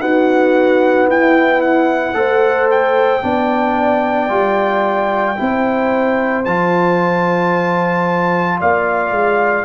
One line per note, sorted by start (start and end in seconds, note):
0.00 2.14 B3
0.00 1.07 D#4
0.00 1.09 F#4
0.00 1.09 F#5
1.08 2.15 E4
1.08 2.16 E4
1.08 1.62 G5
1.62 2.69 F#5
2.14 3.22 A3
2.14 3.21 A4
2.14 3.24 C5
2.71 6.45 G5
3.22 4.30 B3
3.22 4.29 D4
3.22 5.38 D5
4.29 5.37 G3
4.29 5.36 F4
5.37 6.46 C4
5.37 6.44 E4
5.37 8.60 C5
6.45 8.60 F3
6.45 9.65 F4
6.45 8.60 A5
8.60 9.11 A#3
8.60 9.65 D5
8.60 9.65 F5
9.11 9.65 G#3